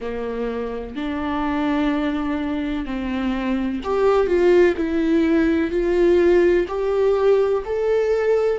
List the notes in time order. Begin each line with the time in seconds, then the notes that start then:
0.00 A#3
0.95 D4
2.85 C4
3.84 G4
4.26 F4
4.77 E4
5.71 F4
6.68 G4
7.65 A4